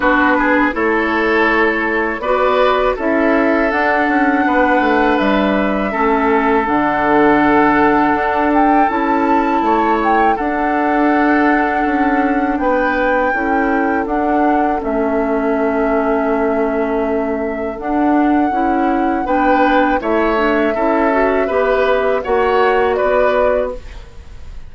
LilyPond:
<<
  \new Staff \with { instrumentName = "flute" } { \time 4/4 \tempo 4 = 81 b'4 cis''2 d''4 | e''4 fis''2 e''4~ | e''4 fis''2~ fis''8 g''8 | a''4. g''8 fis''2~ |
fis''4 g''2 fis''4 | e''1 | fis''2 g''4 e''4~ | e''2 fis''4 d''4 | }
  \new Staff \with { instrumentName = "oboe" } { \time 4/4 fis'8 gis'8 a'2 b'4 | a'2 b'2 | a'1~ | a'4 cis''4 a'2~ |
a'4 b'4 a'2~ | a'1~ | a'2 b'4 cis''4 | a'4 b'4 cis''4 b'4 | }
  \new Staff \with { instrumentName = "clarinet" } { \time 4/4 d'4 e'2 fis'4 | e'4 d'2. | cis'4 d'2. | e'2 d'2~ |
d'2 e'4 d'4 | cis'1 | d'4 e'4 d'4 e'8 d'8 | e'8 fis'8 g'4 fis'2 | }
  \new Staff \with { instrumentName = "bassoon" } { \time 4/4 b4 a2 b4 | cis'4 d'8 cis'8 b8 a8 g4 | a4 d2 d'4 | cis'4 a4 d'2 |
cis'4 b4 cis'4 d'4 | a1 | d'4 cis'4 b4 a4 | cis'4 b4 ais4 b4 | }
>>